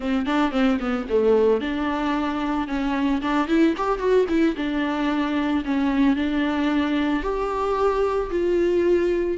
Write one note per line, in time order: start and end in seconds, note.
0.00 0.26 C4
0.26 0.51 D4
0.51 0.78 C4
0.79 1.06 B3
1.09 1.60 A3
1.60 2.67 D4
2.67 3.21 C#4
3.21 3.47 D4
3.47 3.74 E4
3.77 3.98 G4
3.98 4.25 F#4
4.29 4.55 E4
4.56 5.63 D4
5.64 6.16 C#4
6.16 7.22 D4
7.22 8.29 G4
8.30 9.37 F4